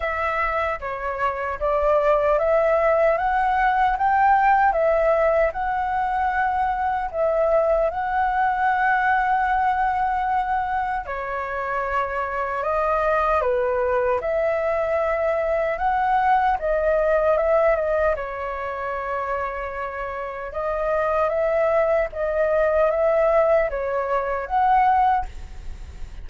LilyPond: \new Staff \with { instrumentName = "flute" } { \time 4/4 \tempo 4 = 76 e''4 cis''4 d''4 e''4 | fis''4 g''4 e''4 fis''4~ | fis''4 e''4 fis''2~ | fis''2 cis''2 |
dis''4 b'4 e''2 | fis''4 dis''4 e''8 dis''8 cis''4~ | cis''2 dis''4 e''4 | dis''4 e''4 cis''4 fis''4 | }